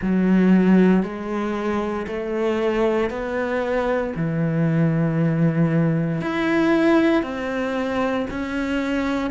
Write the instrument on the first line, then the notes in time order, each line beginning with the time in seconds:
cello
0.01 F#3
1.03 G#3
2.07 A3
3.09 B3
4.16 E3
6.21 E4
7.22 C4
8.30 C#4